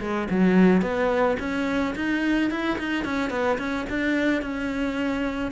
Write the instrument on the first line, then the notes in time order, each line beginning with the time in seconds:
cello
0.00 G#3
0.30 F#3
0.82 B3
1.39 C#4
1.95 D#4
2.50 E4
2.78 D#4
3.04 C#4
3.30 B3
3.58 C#4
3.89 D4
4.41 C#4